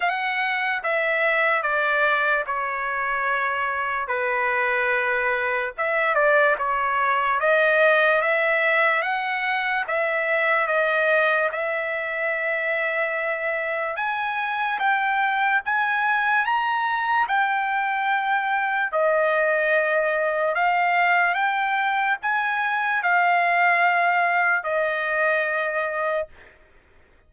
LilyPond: \new Staff \with { instrumentName = "trumpet" } { \time 4/4 \tempo 4 = 73 fis''4 e''4 d''4 cis''4~ | cis''4 b'2 e''8 d''8 | cis''4 dis''4 e''4 fis''4 | e''4 dis''4 e''2~ |
e''4 gis''4 g''4 gis''4 | ais''4 g''2 dis''4~ | dis''4 f''4 g''4 gis''4 | f''2 dis''2 | }